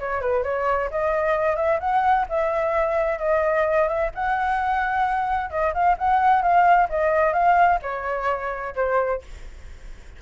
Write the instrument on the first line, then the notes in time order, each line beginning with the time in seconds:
flute
0.00 C#5
0.21 B4
0.44 C#5
0.91 D#5
1.57 E5
1.80 F#5
2.29 E5
3.19 D#5
3.89 E5
4.15 F#5
5.51 D#5
5.74 F5
5.99 F#5
6.43 F5
6.90 D#5
7.34 F5
7.83 C#5
8.76 C5